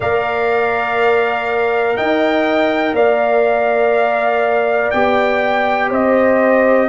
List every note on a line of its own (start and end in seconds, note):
0.00 1.97 A#3
0.00 4.93 A#4
0.00 1.96 D5
0.00 1.96 F5
1.96 2.92 D#4
1.96 2.95 D#5
1.96 2.94 G5
2.92 4.89 A#3
2.92 5.88 D5
2.92 4.90 F5
4.90 5.91 B3
4.90 6.88 G4
4.90 5.89 G5
5.88 6.88 C4
5.88 6.86 C5
5.88 6.88 D#5